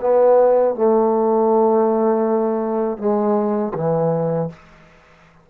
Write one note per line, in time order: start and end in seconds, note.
0.00 0.74 B3
0.74 2.97 A3
2.97 3.72 G#3
3.74 4.49 E3